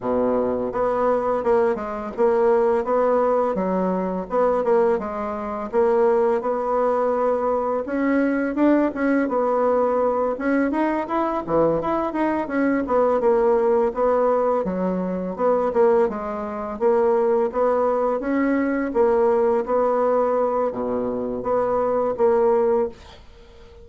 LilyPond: \new Staff \with { instrumentName = "bassoon" } { \time 4/4 \tempo 4 = 84 b,4 b4 ais8 gis8 ais4 | b4 fis4 b8 ais8 gis4 | ais4 b2 cis'4 | d'8 cis'8 b4. cis'8 dis'8 e'8 |
e8 e'8 dis'8 cis'8 b8 ais4 b8~ | b8 fis4 b8 ais8 gis4 ais8~ | ais8 b4 cis'4 ais4 b8~ | b4 b,4 b4 ais4 | }